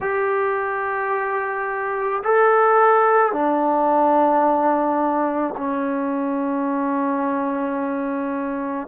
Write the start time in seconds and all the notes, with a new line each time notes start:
0.00 G4
2.23 A4
3.32 D4
5.57 C#4